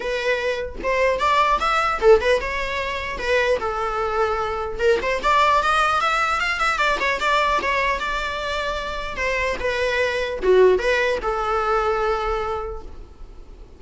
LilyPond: \new Staff \with { instrumentName = "viola" } { \time 4/4 \tempo 4 = 150 b'2 c''4 d''4 | e''4 a'8 b'8 cis''2 | b'4 a'2. | ais'8 c''8 d''4 dis''4 e''4 |
f''8 e''8 d''8 cis''8 d''4 cis''4 | d''2. c''4 | b'2 fis'4 b'4 | a'1 | }